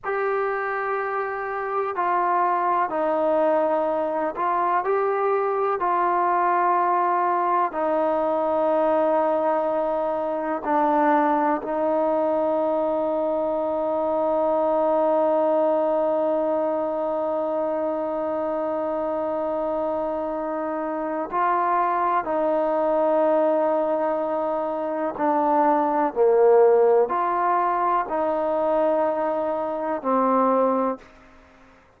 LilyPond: \new Staff \with { instrumentName = "trombone" } { \time 4/4 \tempo 4 = 62 g'2 f'4 dis'4~ | dis'8 f'8 g'4 f'2 | dis'2. d'4 | dis'1~ |
dis'1~ | dis'2 f'4 dis'4~ | dis'2 d'4 ais4 | f'4 dis'2 c'4 | }